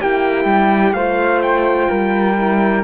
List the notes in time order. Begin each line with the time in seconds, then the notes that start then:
0.00 A#3 E4 G4 G5
0.44 G3
0.92 A3 F4 C5 F5
1.41 G5
1.88 G3 A#4
2.36 E4